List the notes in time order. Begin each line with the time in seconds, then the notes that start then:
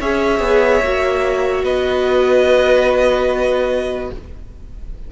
0.00 C#4 G#4 C#5 E5
0.40 B3
0.83 A#3 F#4
1.64 B3 B4 D#5